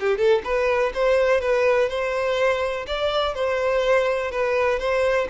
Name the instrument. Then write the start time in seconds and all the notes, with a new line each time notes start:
violin
0.00 G4
0.18 A4
0.44 B4
0.94 C5
1.41 B4
1.89 C5
2.87 D5
3.35 C5
4.31 B4
4.79 C5